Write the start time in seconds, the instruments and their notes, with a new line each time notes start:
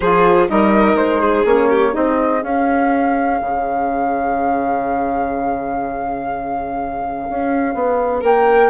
0.00 bassoon F3, saxophone F4, violin G#4, flute C5
0.48 bassoon G3, saxophone D#4, violin A#4, flute D#5
0.94 bassoon G#3, flute C5
1.19 violin G#4
1.45 bassoon A#3, saxophone C#4, flute C#5
1.69 violin G4
1.92 bassoon C4, saxophone D#4, violin G#4, flute D#5
2.40 saxophone C#4, bassoon C#4, flute F5
3.41 bassoon C#3
7.29 bassoon C#4
7.74 bassoon B3
8.20 bassoon A#3, violin A#4, flute G5